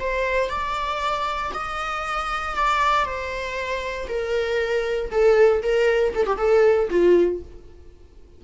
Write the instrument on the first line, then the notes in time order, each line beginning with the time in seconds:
viola
0.00 C5
0.49 D5
1.54 D#5
2.56 D5
3.05 C5
4.08 A#4
5.11 A4
5.63 A#4
6.15 A4
6.26 G4
6.38 A4
6.90 F4